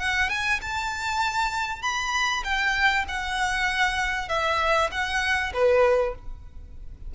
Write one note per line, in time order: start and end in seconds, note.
0.00 0.30 F#5
0.30 0.61 G#5
0.62 1.83 A5
1.83 2.44 B5
2.44 3.06 G5
3.09 4.29 F#5
4.29 4.91 E5
4.92 5.53 F#5
5.54 6.15 B4